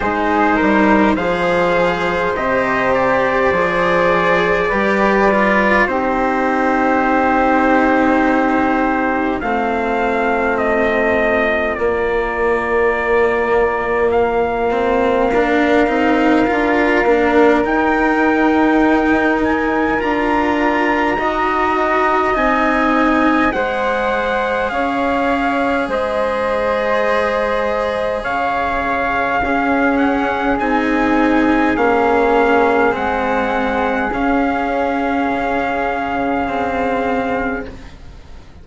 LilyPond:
<<
  \new Staff \with { instrumentName = "trumpet" } { \time 4/4 \tempo 4 = 51 c''4 f''4 dis''8 d''4.~ | d''4 c''2. | f''4 dis''4 d''2 | f''2. g''4~ |
g''8 gis''8 ais''2 gis''4 | fis''4 f''4 dis''2 | f''4. fis''8 gis''4 f''4 | fis''4 f''2. | }
  \new Staff \with { instrumentName = "flute" } { \time 4/4 gis'8 ais'8 c''2. | b'4 g'2. | f'1~ | f'4 ais'2.~ |
ais'2 dis''2 | c''4 cis''4 c''2 | cis''4 gis'2.~ | gis'1 | }
  \new Staff \with { instrumentName = "cello" } { \time 4/4 dis'4 gis'4 g'4 gis'4 | g'8 f'8 dis'2. | c'2 ais2~ | ais8 c'8 d'8 dis'8 f'8 d'8 dis'4~ |
dis'4 f'4 fis'4 dis'4 | gis'1~ | gis'4 cis'4 dis'4 cis'4 | c'4 cis'2 c'4 | }
  \new Staff \with { instrumentName = "bassoon" } { \time 4/4 gis8 g8 f4 c4 f4 | g4 c'2. | a2 ais2~ | ais4. c'8 d'8 ais8 dis'4~ |
dis'4 d'4 dis'4 c'4 | gis4 cis'4 gis2 | cis4 cis'4 c'4 ais4 | gis4 cis'4 cis2 | }
>>